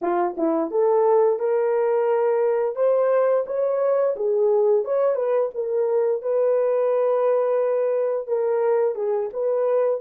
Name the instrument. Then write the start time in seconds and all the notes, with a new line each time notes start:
horn
0.01 F4
0.37 E4
0.70 A4
1.39 A#4
2.75 C5
3.46 C#5
4.16 G#4
4.84 C#5
5.15 B4
5.54 A#4
6.21 B4
8.27 A#4
8.95 G#4
9.33 B4